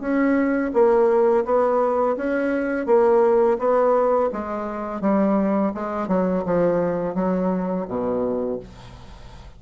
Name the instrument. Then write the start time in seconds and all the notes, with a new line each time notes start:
bassoon
0.00 C#4
0.73 A#3
1.45 B3
2.16 C#4
2.86 A#3
3.58 B3
4.32 G#3
5.01 G3
5.74 G#3
6.08 F#3
6.45 F3
7.15 F#3
7.88 B2